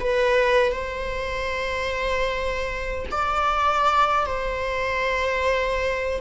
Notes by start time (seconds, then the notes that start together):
0.00 B4
0.72 C5
3.11 D5
4.26 C5